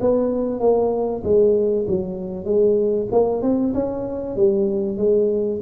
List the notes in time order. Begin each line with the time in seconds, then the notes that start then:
0.00 B3
0.60 A#3
1.23 G#3
1.87 F#3
2.45 G#3
3.11 A#3
3.41 C4
3.74 C#4
4.36 G3
4.97 G#3